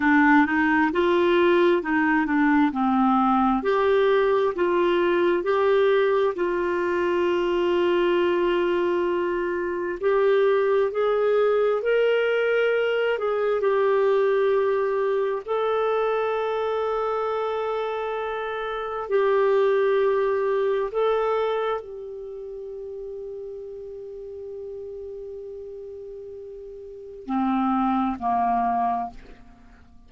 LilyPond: \new Staff \with { instrumentName = "clarinet" } { \time 4/4 \tempo 4 = 66 d'8 dis'8 f'4 dis'8 d'8 c'4 | g'4 f'4 g'4 f'4~ | f'2. g'4 | gis'4 ais'4. gis'8 g'4~ |
g'4 a'2.~ | a'4 g'2 a'4 | g'1~ | g'2 c'4 ais4 | }